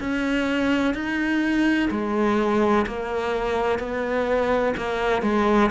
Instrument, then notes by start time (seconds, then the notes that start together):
cello
0.00 C#4
0.94 D#4
1.91 G#3
2.87 A#3
3.79 B3
4.77 A#3
5.23 G#3